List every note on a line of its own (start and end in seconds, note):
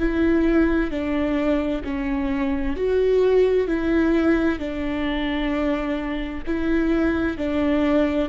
0.00 0.91 E4
0.91 1.83 D4
1.84 2.77 C#4
2.77 3.68 F#4
3.68 4.59 E4
4.59 6.44 D4
6.47 7.38 E4
7.38 8.30 D4